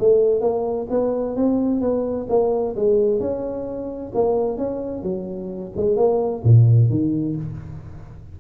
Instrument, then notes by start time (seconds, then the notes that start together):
tuba
0.00 A3
0.41 A#3
0.90 B3
1.37 C4
1.81 B3
2.30 A#3
2.76 G#3
3.20 C#4
4.15 A#3
4.58 C#4
5.03 F#3
5.77 G#3
5.97 A#3
6.44 A#2
6.90 D#3